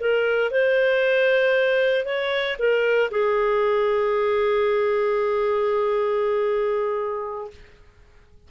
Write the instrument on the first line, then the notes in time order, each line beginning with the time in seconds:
clarinet
0.00 A#4
0.51 C5
2.05 C#5
2.59 A#4
3.11 G#4